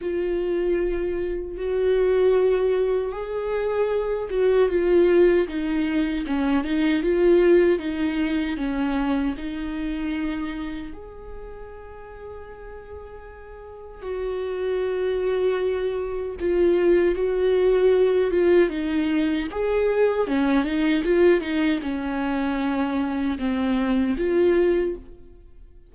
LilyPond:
\new Staff \with { instrumentName = "viola" } { \time 4/4 \tempo 4 = 77 f'2 fis'2 | gis'4. fis'8 f'4 dis'4 | cis'8 dis'8 f'4 dis'4 cis'4 | dis'2 gis'2~ |
gis'2 fis'2~ | fis'4 f'4 fis'4. f'8 | dis'4 gis'4 cis'8 dis'8 f'8 dis'8 | cis'2 c'4 f'4 | }